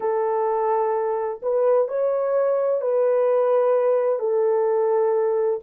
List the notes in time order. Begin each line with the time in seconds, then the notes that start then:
0.00 A4
1.42 B4
1.87 C#5
2.81 B4
4.19 A4